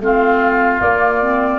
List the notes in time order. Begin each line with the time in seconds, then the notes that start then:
0.00 A3 C4 F4 F5
0.80 A#3 D5
1.21 C4